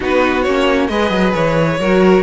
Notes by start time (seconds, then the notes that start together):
0.00 B3 D#4 F#4 B4
0.42 A#3 C#4 C#5
0.88 G#3 G#4 B4 D#5
1.10 F#3
1.34 E3 C#5
1.79 F#3 F#4 A#4